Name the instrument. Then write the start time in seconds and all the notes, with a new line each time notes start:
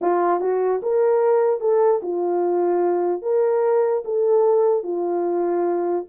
horn
0.01 F4
0.40 F#4
0.82 A#4
1.60 A4
2.02 F4
3.22 A#4
4.04 A4
4.83 F4